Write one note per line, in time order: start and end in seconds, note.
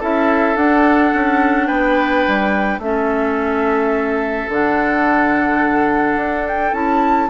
0.00 0.56 C#4
0.00 0.57 E4
0.00 1.67 A4
0.00 0.57 E5
0.56 1.12 D4
0.56 2.81 D4
0.56 1.67 F#5
1.14 1.69 C#4
1.67 2.25 B3
1.67 2.80 B4
1.67 2.80 G5
2.28 2.79 G3
2.79 4.47 A3
2.79 4.50 C#4
2.79 4.51 E5
2.85 7.30 A4
4.49 6.16 D3
4.49 6.73 D4
4.49 6.48 F#5
6.16 6.72 D4
6.48 6.74 G5
6.73 7.29 C#4
6.73 7.29 E4
6.73 7.30 A5